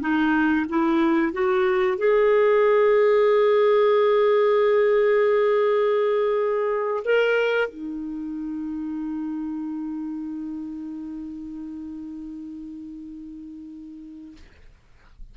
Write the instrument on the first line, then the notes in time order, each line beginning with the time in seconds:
clarinet
0.00 D#4
0.68 E4
1.32 F#4
1.97 G#4
7.04 A#4
7.68 D#4